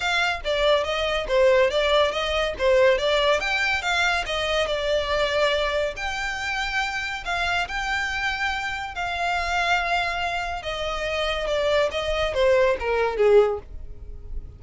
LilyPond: \new Staff \with { instrumentName = "violin" } { \time 4/4 \tempo 4 = 141 f''4 d''4 dis''4 c''4 | d''4 dis''4 c''4 d''4 | g''4 f''4 dis''4 d''4~ | d''2 g''2~ |
g''4 f''4 g''2~ | g''4 f''2.~ | f''4 dis''2 d''4 | dis''4 c''4 ais'4 gis'4 | }